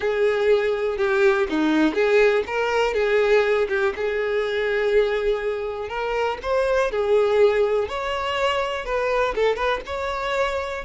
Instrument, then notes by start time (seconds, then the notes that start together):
violin
0.00 G#4
0.97 G4
1.49 D#4
1.94 G#4
2.46 A#4
2.94 G#4
3.68 G4
3.96 G#4
5.89 A#4
6.42 C5
6.91 G#4
7.88 C#5
8.85 B4
9.35 A4
9.55 B4
9.85 C#5